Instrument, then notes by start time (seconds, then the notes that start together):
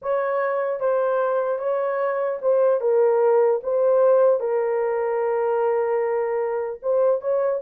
horn
0.01 C#5
0.80 C5
1.58 C#5
2.41 C5
2.80 A#4
3.63 C5
4.39 A#4
6.82 C5
7.21 C#5